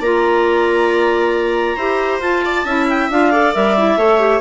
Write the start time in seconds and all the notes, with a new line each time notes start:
0.00 A#3 F4 D5 A#5
1.76 E4 G4 C5
2.19 F4 A5
2.45 D5
2.64 C#4 E4 E5
2.89 G5
3.10 D4 F4 F5
3.32 A4 D5
3.54 G3 A#4 E5
3.77 E4
3.97 A3 A4 C#5
4.19 G4